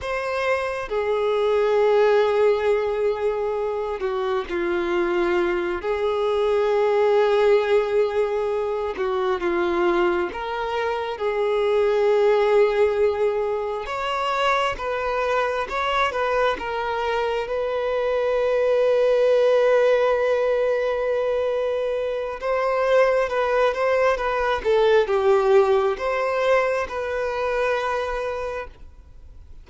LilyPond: \new Staff \with { instrumentName = "violin" } { \time 4/4 \tempo 4 = 67 c''4 gis'2.~ | gis'8 fis'8 f'4. gis'4.~ | gis'2 fis'8 f'4 ais'8~ | ais'8 gis'2. cis''8~ |
cis''8 b'4 cis''8 b'8 ais'4 b'8~ | b'1~ | b'4 c''4 b'8 c''8 b'8 a'8 | g'4 c''4 b'2 | }